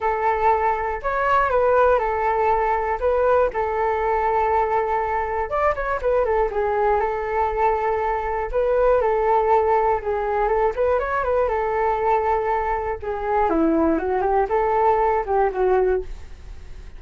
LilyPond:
\new Staff \with { instrumentName = "flute" } { \time 4/4 \tempo 4 = 120 a'2 cis''4 b'4 | a'2 b'4 a'4~ | a'2. d''8 cis''8 | b'8 a'8 gis'4 a'2~ |
a'4 b'4 a'2 | gis'4 a'8 b'8 cis''8 b'8 a'4~ | a'2 gis'4 e'4 | fis'8 g'8 a'4. g'8 fis'4 | }